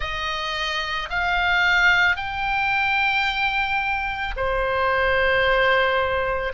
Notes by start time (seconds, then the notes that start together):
0.00 D#5
1.09 F5
2.16 G5
4.36 C5